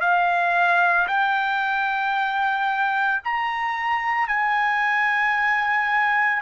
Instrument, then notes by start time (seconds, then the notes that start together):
trumpet
0.00 F5
1.08 G5
3.24 A#5
4.28 G#5